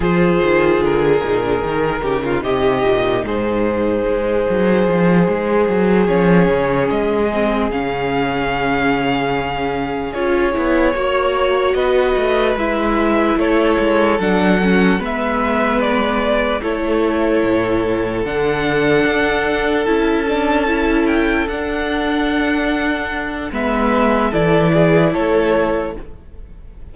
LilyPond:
<<
  \new Staff \with { instrumentName = "violin" } { \time 4/4 \tempo 4 = 74 c''4 ais'2 dis''4 | c''2.~ c''8 cis''8~ | cis''8 dis''4 f''2~ f''8~ | f''8 cis''2 dis''4 e''8~ |
e''8 cis''4 fis''4 e''4 d''8~ | d''8 cis''2 fis''4.~ | fis''8 a''4. g''8 fis''4.~ | fis''4 e''4 d''4 cis''4 | }
  \new Staff \with { instrumentName = "violin" } { \time 4/4 gis'2~ gis'8 g'16 f'16 g'4 | gis'1~ | gis'1~ | gis'4. cis''4 b'4.~ |
b'8 a'2 b'4.~ | b'8 a'2.~ a'8~ | a'1~ | a'4 b'4 a'8 gis'8 a'4 | }
  \new Staff \with { instrumentName = "viola" } { \time 4/4 f'4. dis'16 d'16 dis'2~ | dis'2.~ dis'8 cis'8~ | cis'4 c'8 cis'2~ cis'8~ | cis'8 f'8 e'8 fis'2 e'8~ |
e'4. d'8 cis'8 b4.~ | b8 e'2 d'4.~ | d'8 e'8 d'8 e'4 d'4.~ | d'4 b4 e'2 | }
  \new Staff \with { instrumentName = "cello" } { \time 4/4 f8 dis8 d8 ais,8 dis8 cis8 c8 ais,8 | gis,4 gis8 fis8 f8 gis8 fis8 f8 | cis8 gis4 cis2~ cis8~ | cis8 cis'8 b8 ais4 b8 a8 gis8~ |
gis8 a8 gis8 fis4 gis4.~ | gis8 a4 a,4 d4 d'8~ | d'8 cis'2 d'4.~ | d'4 gis4 e4 a4 | }
>>